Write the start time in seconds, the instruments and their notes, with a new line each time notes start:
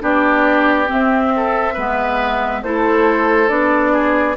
0.00 bassoon B3, clarinet D4, oboe G4, flute D5
0.86 clarinet C4, bassoon C4, flute E5
1.36 oboe A4
1.73 bassoon G#3, clarinet B3, oboe B4
2.62 bassoon A3, clarinet E4, oboe A4, flute C5
3.48 bassoon B3, clarinet D4, flute D5
3.92 oboe G#4